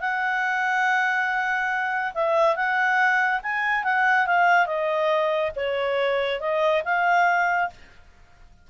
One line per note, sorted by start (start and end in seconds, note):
0.00 2.13 F#5
2.14 2.56 E5
2.56 3.41 F#5
3.42 3.84 G#5
3.84 4.26 F#5
4.26 4.66 F5
4.66 5.51 D#5
5.56 6.40 C#5
6.40 6.83 D#5
6.84 7.69 F5